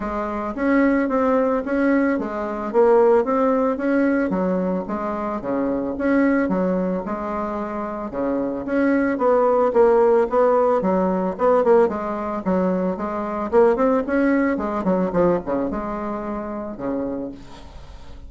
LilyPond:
\new Staff \with { instrumentName = "bassoon" } { \time 4/4 \tempo 4 = 111 gis4 cis'4 c'4 cis'4 | gis4 ais4 c'4 cis'4 | fis4 gis4 cis4 cis'4 | fis4 gis2 cis4 |
cis'4 b4 ais4 b4 | fis4 b8 ais8 gis4 fis4 | gis4 ais8 c'8 cis'4 gis8 fis8 | f8 cis8 gis2 cis4 | }